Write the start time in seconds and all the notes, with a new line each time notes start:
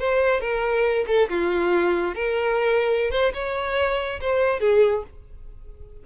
0.00 C5
0.41 A#4
1.08 A4
1.29 F4
2.15 A#4
3.11 C5
3.34 C#5
4.21 C5
4.60 G#4